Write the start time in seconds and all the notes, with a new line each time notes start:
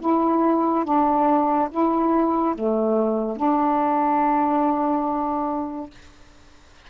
0.00 E4
0.85 D4
1.71 E4
2.55 A3
3.36 D4